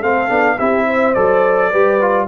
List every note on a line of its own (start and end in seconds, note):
0.00 0.30 A3
0.00 0.29 C4
0.00 0.57 A4
0.00 0.59 F5
0.29 0.58 B3
0.29 0.57 D4
0.58 1.16 C4
0.58 1.15 E4
0.58 0.87 G4
0.58 1.14 E5
0.87 1.71 C5
1.14 1.73 F#3
1.14 1.72 A4
1.14 2.27 D5
1.71 2.28 G3
1.71 2.01 G4
1.71 2.28 B4
2.01 2.28 F4